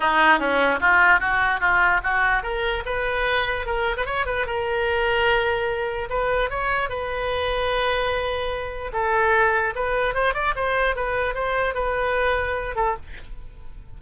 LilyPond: \new Staff \with { instrumentName = "oboe" } { \time 4/4 \tempo 4 = 148 dis'4 cis'4 f'4 fis'4 | f'4 fis'4 ais'4 b'4~ | b'4 ais'8. b'16 cis''8 b'8 ais'4~ | ais'2. b'4 |
cis''4 b'2.~ | b'2 a'2 | b'4 c''8 d''8 c''4 b'4 | c''4 b'2~ b'8 a'8 | }